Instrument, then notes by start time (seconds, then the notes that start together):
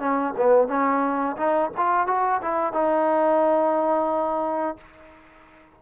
trombone
0.00 C#4
0.37 B3
0.68 C#4
1.37 D#4
1.78 F4
2.07 F#4
2.42 E4
2.73 D#4